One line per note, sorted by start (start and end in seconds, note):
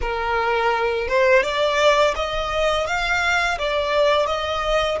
0.01 1.08 A#4
1.08 1.43 C5
1.43 2.14 D5
2.15 2.86 D#5
2.86 3.58 F5
3.58 4.26 D5
4.26 4.98 D#5